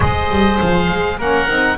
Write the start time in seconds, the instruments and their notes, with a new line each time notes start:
0.00 double bass G#3, saxophone G#4, oboe C5 D#5
0.29 double bass G3
0.60 double bass F3, oboe F5
0.90 double bass G#3
1.18 double bass A#3, saxophone C#4, oboe A#4 F#5
1.47 double bass C4, saxophone D#4